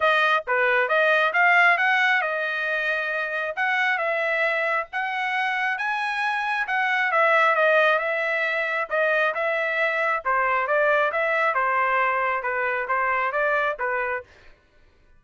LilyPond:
\new Staff \with { instrumentName = "trumpet" } { \time 4/4 \tempo 4 = 135 dis''4 b'4 dis''4 f''4 | fis''4 dis''2. | fis''4 e''2 fis''4~ | fis''4 gis''2 fis''4 |
e''4 dis''4 e''2 | dis''4 e''2 c''4 | d''4 e''4 c''2 | b'4 c''4 d''4 b'4 | }